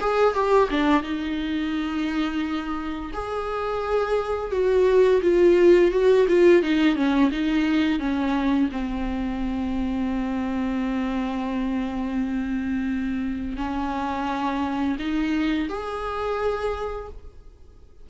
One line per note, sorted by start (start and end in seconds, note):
0.00 0.34 G#4
0.34 0.69 G4
0.70 1.02 D4
1.02 3.11 D#4
3.13 4.51 G#4
4.51 5.21 F#4
5.22 5.91 F4
5.91 6.26 F#4
6.28 6.62 F4
6.62 6.95 D#4
6.95 7.30 C#4
7.31 7.99 D#4
7.99 8.69 C#4
8.72 13.57 C4
13.57 14.97 C#4
14.99 15.68 D#4
15.68 17.08 G#4